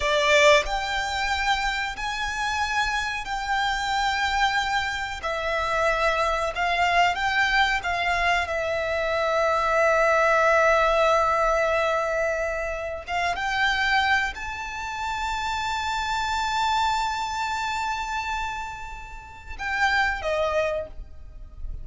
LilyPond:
\new Staff \with { instrumentName = "violin" } { \time 4/4 \tempo 4 = 92 d''4 g''2 gis''4~ | gis''4 g''2. | e''2 f''4 g''4 | f''4 e''2.~ |
e''1 | f''8 g''4. a''2~ | a''1~ | a''2 g''4 dis''4 | }